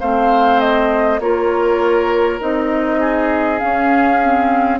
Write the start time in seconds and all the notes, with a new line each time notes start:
0.00 A3 C4 C5 F5
0.60 D#5
1.20 A#3 F4 A#4 C#5
2.40 C4 D#4 D#5
3.00 G#4
3.58 C#4 F5
4.24 C4